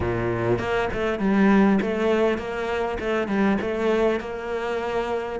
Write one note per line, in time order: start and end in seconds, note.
0.00 0.58 A#2
0.58 0.88 A#3
0.93 1.19 A3
1.19 1.79 G3
1.81 2.38 A3
2.38 2.98 A#3
2.99 3.27 A3
3.27 3.57 G3
3.61 4.20 A3
4.20 5.39 A#3